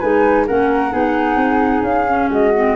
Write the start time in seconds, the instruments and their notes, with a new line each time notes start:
0.00 tuba G#3, clarinet D#4, flute B4 G#5
0.47 tuba A#3, clarinet C#4, flute A#4 F#5
0.91 tuba B3, clarinet D#4, flute G#4
1.36 tuba C4
1.83 tuba C#4, flute F5
2.08 clarinet C#4
2.30 tuba G#3, flute F#4 D#5
2.55 clarinet C4